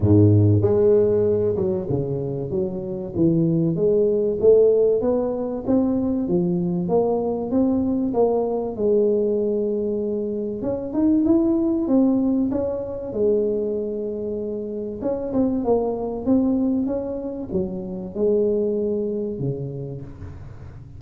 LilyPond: \new Staff \with { instrumentName = "tuba" } { \time 4/4 \tempo 4 = 96 gis,4 gis4. fis8 cis4 | fis4 e4 gis4 a4 | b4 c'4 f4 ais4 | c'4 ais4 gis2~ |
gis4 cis'8 dis'8 e'4 c'4 | cis'4 gis2. | cis'8 c'8 ais4 c'4 cis'4 | fis4 gis2 cis4 | }